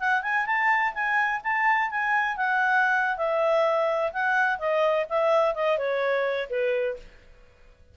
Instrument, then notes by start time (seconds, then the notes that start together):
clarinet
0.00 F#5
0.23 G#5
0.46 A5
0.94 G#5
1.44 A5
1.91 G#5
2.37 F#5
3.18 E5
4.13 F#5
4.59 D#5
5.09 E5
5.55 D#5
5.78 C#5
6.50 B4